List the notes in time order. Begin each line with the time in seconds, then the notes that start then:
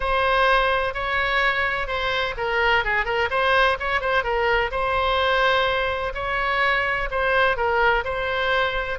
0.00 C5
0.93 C#5
1.87 C5
2.37 A#4
2.84 G#4
3.05 A#4
3.30 C5
3.79 C#5
4.01 C5
4.23 A#4
4.71 C5
6.14 C#5
7.10 C5
7.56 A#4
8.04 C5